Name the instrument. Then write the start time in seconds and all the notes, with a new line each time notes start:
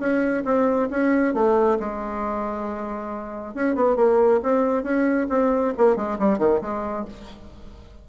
bassoon
0.00 C#4
0.45 C4
0.91 C#4
1.34 A3
1.80 G#3
3.55 C#4
3.76 B3
3.97 A#3
4.43 C4
4.84 C#4
5.30 C4
5.78 A#3
5.96 G#3
6.19 G3
6.39 D#3
6.62 G#3